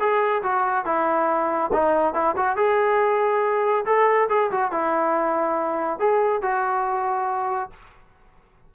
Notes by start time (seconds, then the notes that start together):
0.00 G#4
0.43 F#4
0.86 E4
1.73 D#4
2.14 E4
2.36 F#4
2.57 G#4
3.86 A4
4.30 G#4
4.52 F#4
4.72 E4
6.00 G#4
6.42 F#4